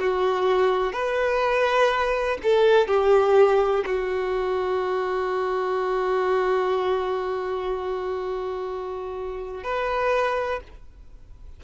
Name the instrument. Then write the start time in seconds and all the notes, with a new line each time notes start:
violin
0.00 F#4
0.93 B4
2.43 A4
2.88 G4
3.86 F#4
9.64 B4